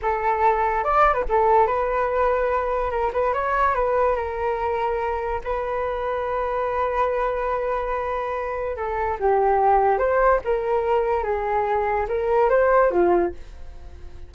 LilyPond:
\new Staff \with { instrumentName = "flute" } { \time 4/4 \tempo 4 = 144 a'2 d''8. b'16 a'4 | b'2. ais'8 b'8 | cis''4 b'4 ais'2~ | ais'4 b'2.~ |
b'1~ | b'4 a'4 g'2 | c''4 ais'2 gis'4~ | gis'4 ais'4 c''4 f'4 | }